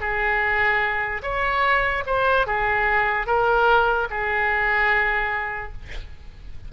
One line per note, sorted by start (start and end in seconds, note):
0.00 1.22 G#4
1.22 2.03 C#5
2.06 2.46 C5
2.46 3.27 G#4
3.27 4.08 A#4
4.10 5.72 G#4